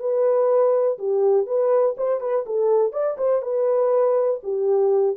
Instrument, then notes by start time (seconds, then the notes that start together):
horn
0.00 B4
0.99 G4
1.47 B4
1.98 C5
2.21 B4
2.47 A4
2.93 D5
3.18 C5
3.42 B4
4.44 G4